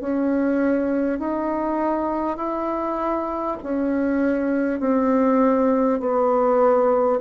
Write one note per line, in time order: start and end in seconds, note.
0.00 1.19 C#4
1.19 2.37 D#4
2.37 3.57 E4
3.63 4.79 C#4
4.79 5.99 C4
5.99 7.19 B3